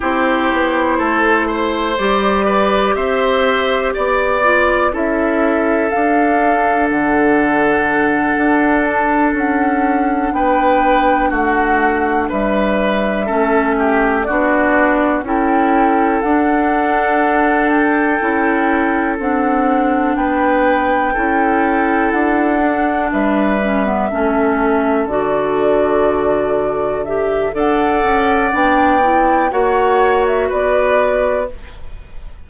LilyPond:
<<
  \new Staff \with { instrumentName = "flute" } { \time 4/4 \tempo 4 = 61 c''2 d''4 e''4 | d''4 e''4 f''4 fis''4~ | fis''4 a''8 fis''4 g''4 fis''8~ | fis''8 e''2 d''4 g''8~ |
g''8 fis''4. g''4. fis''8~ | fis''8 g''2 fis''4 e''8~ | e''4. d''2 e''8 | fis''4 g''4 fis''8. e''16 d''4 | }
  \new Staff \with { instrumentName = "oboe" } { \time 4/4 g'4 a'8 c''4 b'8 c''4 | d''4 a'2.~ | a'2~ a'8 b'4 fis'8~ | fis'8 b'4 a'8 g'8 fis'4 a'8~ |
a'1~ | a'8 b'4 a'2 b'8~ | b'8 a'2.~ a'8 | d''2 cis''4 b'4 | }
  \new Staff \with { instrumentName = "clarinet" } { \time 4/4 e'2 g'2~ | g'8 f'8 e'4 d'2~ | d'1~ | d'4. cis'4 d'4 e'8~ |
e'8 d'2 e'4 d'8~ | d'4. e'4. d'4 | cis'16 b16 cis'4 fis'2 g'8 | a'4 d'8 e'8 fis'2 | }
  \new Staff \with { instrumentName = "bassoon" } { \time 4/4 c'8 b8 a4 g4 c'4 | b4 cis'4 d'4 d4~ | d8 d'4 cis'4 b4 a8~ | a8 g4 a4 b4 cis'8~ |
cis'8 d'2 cis'4 c'8~ | c'8 b4 cis'4 d'4 g8~ | g8 a4 d2~ d8 | d'8 cis'8 b4 ais4 b4 | }
>>